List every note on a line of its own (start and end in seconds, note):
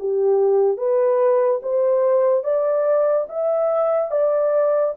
0.00 0.78 G4
0.78 1.61 B4
1.63 2.44 C5
2.44 3.27 D5
3.30 4.11 E5
4.11 4.95 D5